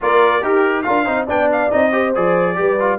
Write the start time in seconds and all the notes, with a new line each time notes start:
0.01 A#3 F4 A#4 D5
0.41 D#4 G4 A#4
0.82 D4 F4 A#4 F5
1.04 C4 D#4 C5
1.26 B3 D4 D5 G5
1.52 F5
1.71 C4 D#4 D#5
1.91 G4 C5
2.15 F3 G#4 D5
2.55 G3 G4 B4
2.80 F4